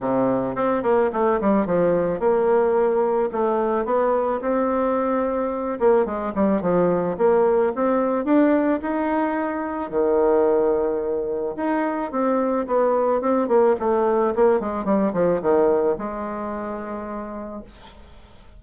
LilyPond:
\new Staff \with { instrumentName = "bassoon" } { \time 4/4 \tempo 4 = 109 c4 c'8 ais8 a8 g8 f4 | ais2 a4 b4 | c'2~ c'8 ais8 gis8 g8 | f4 ais4 c'4 d'4 |
dis'2 dis2~ | dis4 dis'4 c'4 b4 | c'8 ais8 a4 ais8 gis8 g8 f8 | dis4 gis2. | }